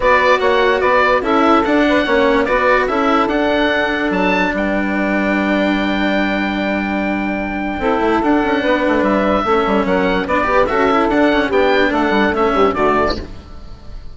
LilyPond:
<<
  \new Staff \with { instrumentName = "oboe" } { \time 4/4 \tempo 4 = 146 d''4 fis''4 d''4 e''4 | fis''2 d''4 e''4 | fis''2 a''4 g''4~ | g''1~ |
g''1 | fis''2 e''2 | fis''4 d''4 e''4 fis''4 | g''4 fis''4 e''4 d''4 | }
  \new Staff \with { instrumentName = "saxophone" } { \time 4/4 b'4 cis''4 b'4 a'4~ | a'8 b'8 cis''4 b'4 a'4~ | a'2. b'4~ | b'1~ |
b'2. a'4~ | a'4 b'2 a'4 | ais'4 b'4 a'2 | g'4 a'4. g'8 fis'4 | }
  \new Staff \with { instrumentName = "cello" } { \time 4/4 fis'2. e'4 | d'4 cis'4 fis'4 e'4 | d'1~ | d'1~ |
d'2. e'4 | d'2. cis'4~ | cis'4 d'8 g'8 fis'8 e'8 d'8 cis'8 | d'2 cis'4 a4 | }
  \new Staff \with { instrumentName = "bassoon" } { \time 4/4 b4 ais4 b4 cis'4 | d'4 ais4 b4 cis'4 | d'2 fis4 g4~ | g1~ |
g2. c'8 a8 | d'8 cis'8 b8 a8 g4 a8 g8 | fis4 b4 cis'4 d'4 | b4 a8 g8 a8 g,8 d4 | }
>>